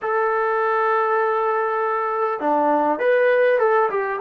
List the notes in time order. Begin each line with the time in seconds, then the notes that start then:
0.02 A4
2.40 D4
2.99 B4
3.59 A4
3.89 G4